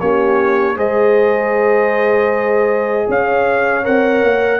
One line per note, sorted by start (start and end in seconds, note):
0.00 0.76 A#3
0.00 0.76 C#4
0.00 0.76 G4
0.00 0.77 C#5
0.76 3.07 G#3
0.76 3.83 G#4
0.76 3.07 C5
0.76 3.09 D#5
3.08 3.86 C#4
3.08 4.60 C#5
3.08 3.85 F5
3.83 4.23 C4
3.83 4.60 A#4
3.83 4.60 F#5
4.23 4.60 A#3